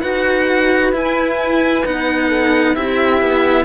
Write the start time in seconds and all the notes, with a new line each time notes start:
0.00 D#4 F#4 B4 F#5
0.93 E4 G#5
1.85 B3 D#4 F#5
2.28 A4
2.74 C4 E4 G4 E5
3.21 B3